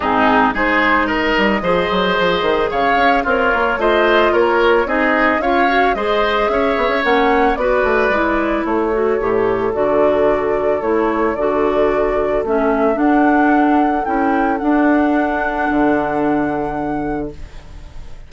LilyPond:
<<
  \new Staff \with { instrumentName = "flute" } { \time 4/4 \tempo 4 = 111 gis'4 c''4 dis''2~ | dis''4 f''4 cis''4 dis''4 | cis''4 dis''4 f''4 dis''4 | e''4 fis''4 d''2 |
cis''2 d''2 | cis''4 d''2 e''4 | fis''2 g''4 fis''4~ | fis''1 | }
  \new Staff \with { instrumentName = "oboe" } { \time 4/4 dis'4 gis'4 ais'4 c''4~ | c''4 cis''4 f'4 c''4 | ais'4 gis'4 cis''4 c''4 | cis''2 b'2 |
a'1~ | a'1~ | a'1~ | a'1 | }
  \new Staff \with { instrumentName = "clarinet" } { \time 4/4 c'4 dis'2 gis'4~ | gis'2 ais'4 f'4~ | f'4 dis'4 f'8 fis'8 gis'4~ | gis'4 cis'4 fis'4 e'4~ |
e'8 fis'8 g'4 fis'2 | e'4 fis'2 cis'4 | d'2 e'4 d'4~ | d'1 | }
  \new Staff \with { instrumentName = "bassoon" } { \time 4/4 gis,4 gis4. g8 f8 fis8 | f8 dis8 cis8 cis'8 c'8 ais8 a4 | ais4 c'4 cis'4 gis4 | cis'8 b16 cis'16 ais4 b8 a8 gis4 |
a4 a,4 d2 | a4 d2 a4 | d'2 cis'4 d'4~ | d'4 d2. | }
>>